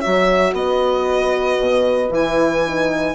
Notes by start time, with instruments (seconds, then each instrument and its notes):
0.00 bassoon F#3, horn F#4 C#5, violin E5
0.53 bassoon B3, horn B4, violin D#5
1.59 bassoon B2
2.10 bassoon E3, horn E4, violin G#5
2.67 horn D#4